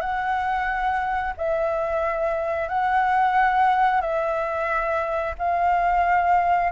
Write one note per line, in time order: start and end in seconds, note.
0.00 1.33 F#5
1.37 2.68 E5
2.68 4.01 F#5
4.01 5.34 E5
5.38 6.71 F5